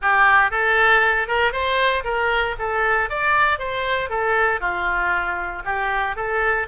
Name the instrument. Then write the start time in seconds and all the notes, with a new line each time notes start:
oboe
0.01 G4
0.50 A4
1.27 A#4
1.52 C5
2.04 A#4
2.58 A4
3.09 D5
3.59 C5
4.09 A4
4.60 F4
5.64 G4
6.15 A4